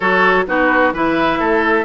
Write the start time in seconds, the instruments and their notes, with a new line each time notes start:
0.00 bassoon F#3, clarinet F#4, oboe A4, flute C#5
0.46 bassoon B3, clarinet D#4, oboe F#4, flute B4
0.93 bassoon E3, clarinet E4, oboe B4, flute E5
1.39 bassoon A3, oboe A4